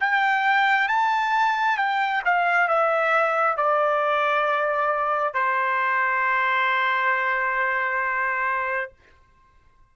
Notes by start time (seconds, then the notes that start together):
0.00 G5
0.88 A5
1.77 G5
2.25 F5
2.68 E5
3.57 D5
5.34 C5